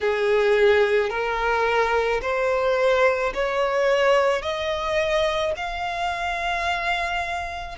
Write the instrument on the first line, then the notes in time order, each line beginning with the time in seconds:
violin
0.01 G#4
1.09 A#4
2.21 C5
3.33 C#5
4.41 D#5
5.56 F5